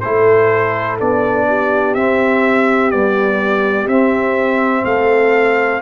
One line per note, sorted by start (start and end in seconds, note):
0.00 1.00 A3
0.00 0.99 E4
0.00 1.47 A4
0.00 0.97 C5
0.99 1.95 B3
0.99 1.96 D4
0.99 1.94 D5
1.48 4.86 G4
1.94 2.92 C4
1.94 2.93 C4
1.94 2.91 E5
2.91 3.89 G3
2.91 3.87 B3
2.91 3.87 D5
3.87 4.84 C4
3.87 5.82 C4
3.87 4.84 E5
4.84 5.81 A3
4.84 5.82 A4
4.84 5.81 F5